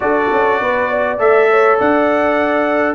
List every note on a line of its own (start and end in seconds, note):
0.00 0.30 D4
0.00 1.18 F#4
0.00 0.61 A4
0.00 1.19 D5
0.31 0.60 C#4
0.60 1.18 B3
0.60 0.89 B4
0.89 1.49 D5
1.18 1.78 A3
1.18 2.95 A4
1.18 1.79 E5
1.50 1.78 C#5
1.78 2.95 D4
1.78 2.95 D5
1.78 2.95 F#5